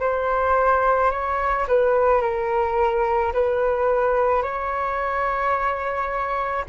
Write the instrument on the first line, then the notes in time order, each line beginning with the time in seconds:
flute
0.00 C5
1.11 C#5
1.68 B4
2.22 A#4
3.33 B4
4.42 C#5